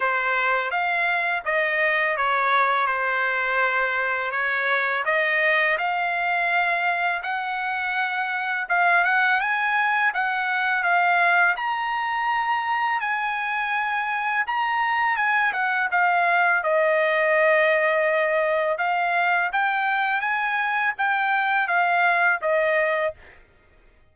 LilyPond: \new Staff \with { instrumentName = "trumpet" } { \time 4/4 \tempo 4 = 83 c''4 f''4 dis''4 cis''4 | c''2 cis''4 dis''4 | f''2 fis''2 | f''8 fis''8 gis''4 fis''4 f''4 |
ais''2 gis''2 | ais''4 gis''8 fis''8 f''4 dis''4~ | dis''2 f''4 g''4 | gis''4 g''4 f''4 dis''4 | }